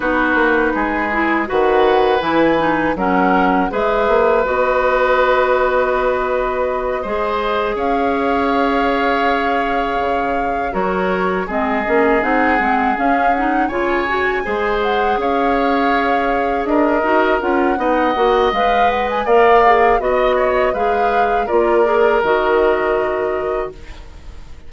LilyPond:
<<
  \new Staff \with { instrumentName = "flute" } { \time 4/4 \tempo 4 = 81 b'2 fis''4 gis''4 | fis''4 e''4 dis''2~ | dis''2~ dis''8 f''4.~ | f''2~ f''8 cis''4 dis''8~ |
dis''8 fis''4 f''8 fis''8 gis''4. | fis''8 f''2 dis''4 fis''8~ | fis''4 f''8 fis''16 gis''16 f''4 dis''4 | f''4 d''4 dis''2 | }
  \new Staff \with { instrumentName = "oboe" } { \time 4/4 fis'4 gis'4 b'2 | ais'4 b'2.~ | b'4. c''4 cis''4.~ | cis''2~ cis''8 ais'4 gis'8~ |
gis'2~ gis'8 cis''4 c''8~ | c''8 cis''2 ais'4. | dis''2 d''4 dis''8 cis''8 | b'4 ais'2. | }
  \new Staff \with { instrumentName = "clarinet" } { \time 4/4 dis'4. e'8 fis'4 e'8 dis'8 | cis'4 gis'4 fis'2~ | fis'4. gis'2~ gis'8~ | gis'2~ gis'8 fis'4 c'8 |
cis'8 dis'8 c'8 cis'8 dis'8 f'8 fis'8 gis'8~ | gis'2. fis'8 f'8 | dis'8 fis'8 b'4 ais'8 gis'8 fis'4 | gis'4 f'8 gis'8 fis'2 | }
  \new Staff \with { instrumentName = "bassoon" } { \time 4/4 b8 ais8 gis4 dis4 e4 | fis4 gis8 ais8 b2~ | b4. gis4 cis'4.~ | cis'4. cis4 fis4 gis8 |
ais8 c'8 gis8 cis'4 cis4 gis8~ | gis8 cis'2 d'8 dis'8 cis'8 | b8 ais8 gis4 ais4 b4 | gis4 ais4 dis2 | }
>>